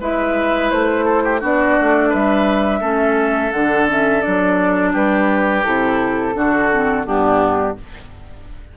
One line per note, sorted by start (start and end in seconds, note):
0.00 0.71 G#3
0.00 1.40 E4
0.00 1.05 B4
0.00 0.70 E5
0.70 1.42 A3
0.70 1.40 C5
1.05 1.22 A4
1.24 1.40 G4
1.40 1.77 B3
1.40 2.81 D4
1.40 2.09 F#4
1.40 2.13 D5
1.80 2.14 A3
2.09 2.81 G3
2.09 2.80 B4
2.09 3.51 E5
2.80 3.51 A3
2.80 3.52 C#4
2.80 4.92 A4
3.51 4.23 D3
3.51 3.87 D4
3.51 3.86 F#5
3.87 4.21 C#4
3.87 4.21 E5
4.21 4.94 F#3
4.21 5.62 D4
4.21 4.92 D5
4.92 5.65 G3
4.92 6.34 G4
4.92 5.64 B4
5.64 6.35 C3
5.64 6.33 E4
5.64 7.05 A4
6.33 7.05 D3
6.33 6.69 D4
6.33 7.06 F#4
6.72 7.04 C4
7.04 7.77 G2
7.04 7.75 B3
7.04 7.77 D4
7.04 7.77 G4